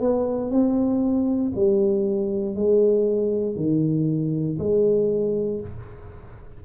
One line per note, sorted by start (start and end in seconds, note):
0.00 0.51 B3
0.51 1.53 C4
1.55 2.56 G3
2.56 3.56 G#3
3.56 4.58 D#3
4.59 5.61 G#3